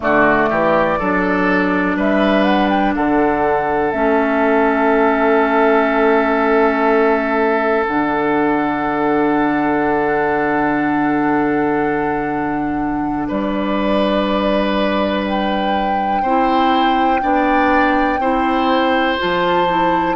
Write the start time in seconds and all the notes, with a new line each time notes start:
0.00 D3 A3 F#4 D5
0.49 E3 G4
0.99 F#3 D4 A4
1.96 G3 B4 E5
2.43 F#5
2.69 G5
2.94 D3 A4 F#5
3.91 A3 C#4 E5
7.86 D3 D4 F#5
13.27 G3 B4 D5
15.24 G5
16.22 C4 E4 C5
17.20 B3 D4 D5
18.18 C4 E4 C5
19.18 F3 F4 A5
19.67 E4